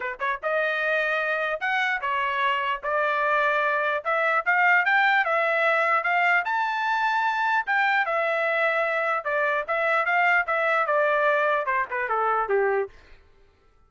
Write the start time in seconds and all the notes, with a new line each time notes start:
0.00 B4
0.19 C#5
0.42 D#5
1.60 F#5
2.01 C#5
2.83 D5
4.04 E5
4.45 F5
4.85 G5
5.24 E5
6.03 F5
6.44 A5
7.66 G5
8.05 E5
9.24 D5
9.67 E5
10.05 F5
10.46 E5
10.86 D5
11.66 C5
11.90 B4
12.08 A4
12.48 G4